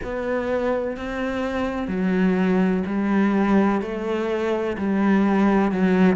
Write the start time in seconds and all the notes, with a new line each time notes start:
0.03 B3
0.97 C4
1.88 F#3
2.86 G3
3.81 A3
4.77 G3
5.71 F#3